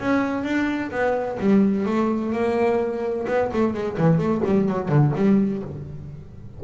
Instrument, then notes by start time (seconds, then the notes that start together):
double bass
0.00 C#4
0.44 D4
0.91 B3
1.40 G3
1.86 A3
2.33 A#3
3.28 B3
3.53 A3
3.74 G#3
3.98 E3
4.18 A3
4.46 G3
4.69 F#3
4.89 D3
5.16 G3